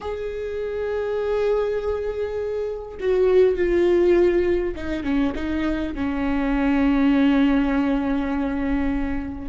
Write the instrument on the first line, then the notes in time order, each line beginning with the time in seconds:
viola
0.00 G#4
3.00 F#4
3.56 F4
4.75 D#4
5.03 C#4
5.35 D#4
5.95 C#4